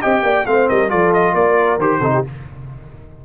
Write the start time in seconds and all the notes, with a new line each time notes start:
0.00 C4 G4 D#5 G5
0.23 A#3 D5
0.46 A3 C4 C5 F5
0.68 G3 A#4 D#5
0.88 F3 F4 A4 D5
1.13 D#5
1.34 A#3 A#4 D5
1.78 D#3 G4 C5
2.00 C3 D#4 A4
2.14 G4